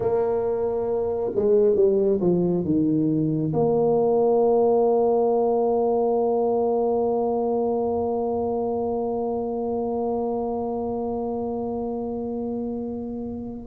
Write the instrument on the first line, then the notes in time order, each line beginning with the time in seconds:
tuba
0.00 A#3
1.35 G#3
1.75 G3
2.20 F3
2.64 D#3
3.53 A#3